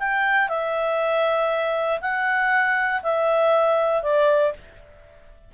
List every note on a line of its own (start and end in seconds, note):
0.00 0.49 G5
0.49 2.00 E5
2.01 3.02 F#5
3.03 4.03 E5
4.03 4.53 D5